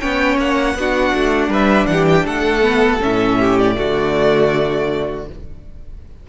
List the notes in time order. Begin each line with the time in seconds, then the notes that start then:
0.00 B3 C#4 C#5 G5
0.38 A#3 F#5
0.75 B3 D4 F#4
1.14 A3
1.48 G3 B4 E5
1.86 E3 G4 F#5
2.08 G5
2.25 A3 A4 F#5
2.62 B3
3.01 A2 C#4 E5
3.39 G4
3.59 D5
3.75 D3 A3 F#4